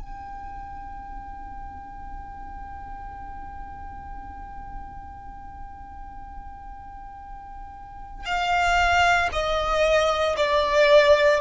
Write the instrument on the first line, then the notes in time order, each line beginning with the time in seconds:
violin
0.00 G5
8.25 F5
9.32 D#5
10.37 D5